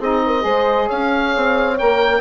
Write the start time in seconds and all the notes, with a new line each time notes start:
0.00 C4 D#4 G#4 D#5
0.26 A#4
0.41 G#3 G#4 C5
0.87 C#4 C#5 F5
1.36 C4
1.78 A#3 A#4 G5